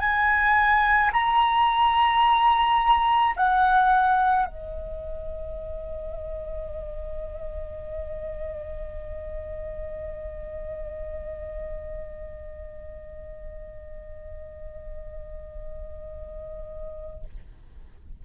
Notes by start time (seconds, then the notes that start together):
0.00 G#5
1.13 A#5
3.37 F#5
4.46 D#5